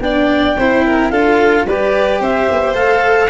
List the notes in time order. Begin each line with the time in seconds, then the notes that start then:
0.00 B3 D4 D5 G5
0.58 C4 E4 C5
0.86 A#4
1.10 D4 F4 A4 F5
1.65 G3 G4 B4 D5
2.21 C4 C5 E5
2.51 B3
2.75 A3 A4 F5